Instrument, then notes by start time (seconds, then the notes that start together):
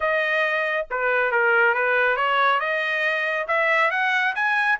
trumpet
0.00 D#5
0.90 B4
1.31 A#4
1.74 B4
2.16 C#5
2.60 D#5
3.47 E5
3.90 F#5
4.35 G#5